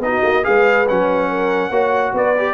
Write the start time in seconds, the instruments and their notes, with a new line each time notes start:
0.00 tuba B3, trombone D#4, trumpet D#5
0.07 horn F#4
0.24 tuba A#3
0.43 tuba G#3, trombone G#4, horn B4, trumpet F5
0.89 tuba F#3, trombone C#4, trumpet F#5
1.30 horn A#4
1.70 tuba A#3, trombone F#4, horn C#5
2.14 tuba B3, horn B4, trumpet D5
2.38 trombone G4